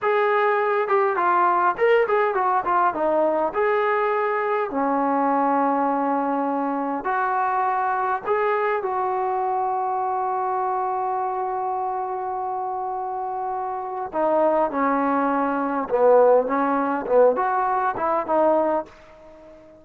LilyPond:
\new Staff \with { instrumentName = "trombone" } { \time 4/4 \tempo 4 = 102 gis'4. g'8 f'4 ais'8 gis'8 | fis'8 f'8 dis'4 gis'2 | cis'1 | fis'2 gis'4 fis'4~ |
fis'1~ | fis'1 | dis'4 cis'2 b4 | cis'4 b8 fis'4 e'8 dis'4 | }